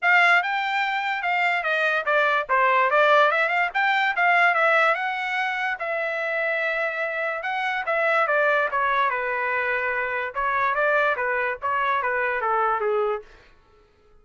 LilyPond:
\new Staff \with { instrumentName = "trumpet" } { \time 4/4 \tempo 4 = 145 f''4 g''2 f''4 | dis''4 d''4 c''4 d''4 | e''8 f''8 g''4 f''4 e''4 | fis''2 e''2~ |
e''2 fis''4 e''4 | d''4 cis''4 b'2~ | b'4 cis''4 d''4 b'4 | cis''4 b'4 a'4 gis'4 | }